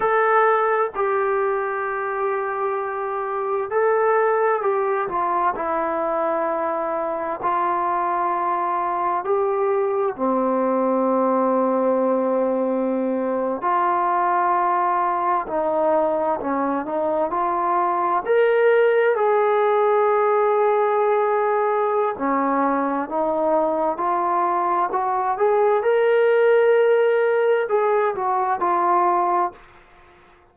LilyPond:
\new Staff \with { instrumentName = "trombone" } { \time 4/4 \tempo 4 = 65 a'4 g'2. | a'4 g'8 f'8 e'2 | f'2 g'4 c'4~ | c'2~ c'8. f'4~ f'16~ |
f'8. dis'4 cis'8 dis'8 f'4 ais'16~ | ais'8. gis'2.~ gis'16 | cis'4 dis'4 f'4 fis'8 gis'8 | ais'2 gis'8 fis'8 f'4 | }